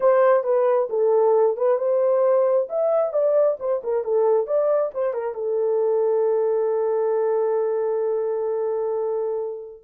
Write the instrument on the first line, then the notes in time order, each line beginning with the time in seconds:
horn
0.00 C5
0.43 B4
0.89 A4
1.57 B4
1.77 C5
2.69 E5
3.12 D5
3.59 C5
3.83 A#4
4.04 A4
4.46 D5
4.94 C5
5.13 A#4
5.34 A4